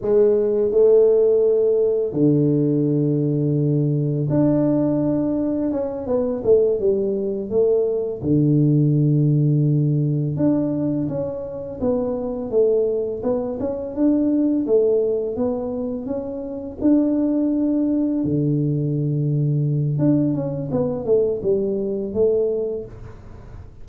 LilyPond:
\new Staff \with { instrumentName = "tuba" } { \time 4/4 \tempo 4 = 84 gis4 a2 d4~ | d2 d'2 | cis'8 b8 a8 g4 a4 d8~ | d2~ d8 d'4 cis'8~ |
cis'8 b4 a4 b8 cis'8 d'8~ | d'8 a4 b4 cis'4 d'8~ | d'4. d2~ d8 | d'8 cis'8 b8 a8 g4 a4 | }